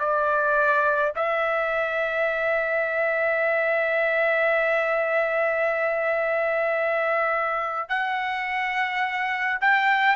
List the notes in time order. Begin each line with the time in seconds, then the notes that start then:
0.00 D5
1.16 E5
7.89 F#5
9.61 G5